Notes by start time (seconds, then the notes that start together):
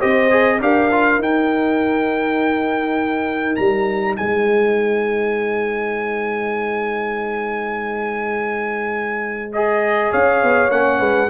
0.00 C4 G4 C5 D#5
0.31 G#4
0.61 D4 G4 A#4 F5
0.91 F4
1.19 D#4 G5
3.56 G3 A#5
4.17 G#3 C5 G#5
9.53 G#4 D#5
10.11 C#4 C#5 F5
10.43 B3
10.70 A#3 C#4 F#5
11.00 G#3 B4